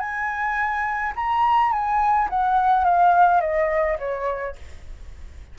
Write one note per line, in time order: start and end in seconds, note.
0.00 1.13 G#5
1.16 1.72 A#5
1.72 2.29 G#5
2.30 2.85 F#5
2.85 3.41 F5
3.41 3.98 D#5
3.99 4.56 C#5